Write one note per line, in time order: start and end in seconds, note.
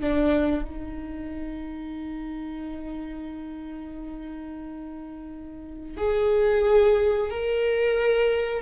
0.00 0.64 D4
0.64 5.97 D#4
5.97 7.30 G#4
7.30 8.62 A#4